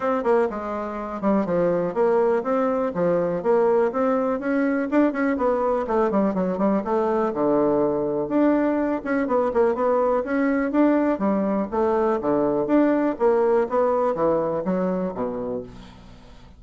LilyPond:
\new Staff \with { instrumentName = "bassoon" } { \time 4/4 \tempo 4 = 123 c'8 ais8 gis4. g8 f4 | ais4 c'4 f4 ais4 | c'4 cis'4 d'8 cis'8 b4 | a8 g8 fis8 g8 a4 d4~ |
d4 d'4. cis'8 b8 ais8 | b4 cis'4 d'4 g4 | a4 d4 d'4 ais4 | b4 e4 fis4 b,4 | }